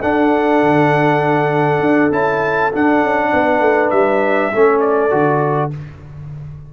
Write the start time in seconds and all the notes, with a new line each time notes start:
0.00 D4 A4 F#5
0.63 D3
1.80 D4
2.12 C#4 E4 A5
2.73 D4 F#5
3.03 C#4
3.33 B3 B4
3.61 A3
3.91 G3 E5
4.54 A3 C#4 A4
4.81 D5
5.11 D3 F#4